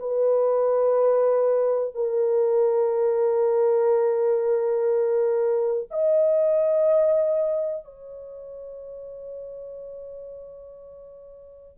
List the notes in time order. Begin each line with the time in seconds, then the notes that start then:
0.00 B4
1.95 A#4
5.91 D#5
7.85 C#5